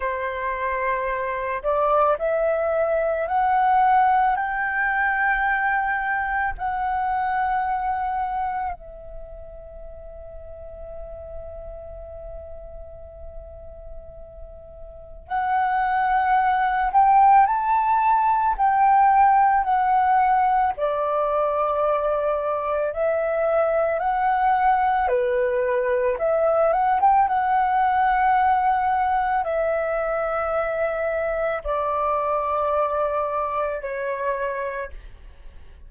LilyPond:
\new Staff \with { instrumentName = "flute" } { \time 4/4 \tempo 4 = 55 c''4. d''8 e''4 fis''4 | g''2 fis''2 | e''1~ | e''2 fis''4. g''8 |
a''4 g''4 fis''4 d''4~ | d''4 e''4 fis''4 b'4 | e''8 fis''16 g''16 fis''2 e''4~ | e''4 d''2 cis''4 | }